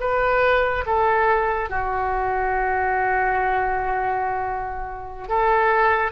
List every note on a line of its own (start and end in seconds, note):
0.00 0.85 B4
0.86 1.70 A4
1.70 5.29 F#4
5.29 6.12 A4